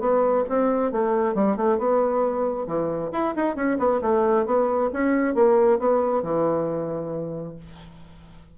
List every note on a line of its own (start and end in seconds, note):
0.00 0.44 B3
0.49 0.92 C4
0.92 1.35 A3
1.35 1.57 G3
1.57 1.78 A3
1.78 2.67 B3
2.67 3.11 E3
3.13 3.35 E4
3.36 3.56 D#4
3.56 3.78 C#4
3.79 4.01 B3
4.01 4.46 A3
4.46 4.91 B3
4.93 5.35 C#4
5.35 5.79 A#3
5.79 6.23 B3
6.23 7.56 E3